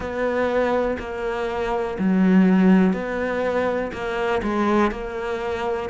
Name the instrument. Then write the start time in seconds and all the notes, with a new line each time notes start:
cello
0.00 B3
0.99 A#3
1.99 F#3
2.93 B3
3.92 A#3
4.43 G#3
4.91 A#3